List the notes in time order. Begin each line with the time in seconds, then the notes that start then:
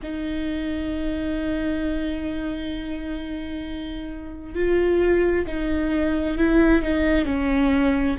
0.02 D#4
4.55 F4
5.46 D#4
6.37 E4
6.82 D#4
7.25 C#4